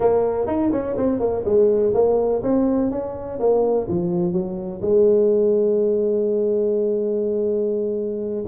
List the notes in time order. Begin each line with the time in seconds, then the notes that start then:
0.00 A#3
0.47 D#4
0.72 C#4
0.97 C4
1.19 A#3
1.45 G#3
1.94 A#3
2.42 C4
2.90 C#4
3.39 A#3
3.88 F3
4.32 F#3
4.81 G#3